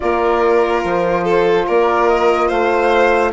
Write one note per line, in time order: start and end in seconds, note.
0.00 0.84 A#3
0.00 3.31 F4
0.00 1.23 A#4
0.00 0.82 D5
0.84 1.67 F3
0.84 1.68 C5
1.23 1.65 A4
1.66 2.50 A#3
1.66 2.47 A#4
1.66 2.08 D5
2.08 2.49 D#5
2.47 3.32 A3
2.47 3.31 C5
2.47 3.32 F5